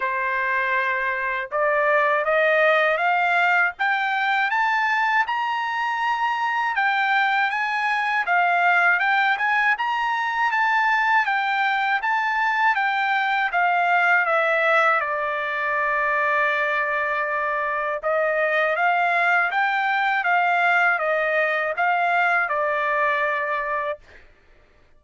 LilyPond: \new Staff \with { instrumentName = "trumpet" } { \time 4/4 \tempo 4 = 80 c''2 d''4 dis''4 | f''4 g''4 a''4 ais''4~ | ais''4 g''4 gis''4 f''4 | g''8 gis''8 ais''4 a''4 g''4 |
a''4 g''4 f''4 e''4 | d''1 | dis''4 f''4 g''4 f''4 | dis''4 f''4 d''2 | }